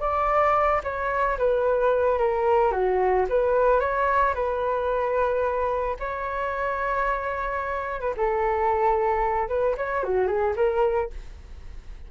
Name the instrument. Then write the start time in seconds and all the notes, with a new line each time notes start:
flute
0.00 D5
0.84 C#5
1.38 B4
2.18 A#4
2.71 F#4
3.29 B4
3.80 C#5
4.34 B4
6.00 C#5
8.00 B4
8.17 A4
9.48 B4
9.77 C#5
10.03 F#4
10.27 G#4
10.56 A#4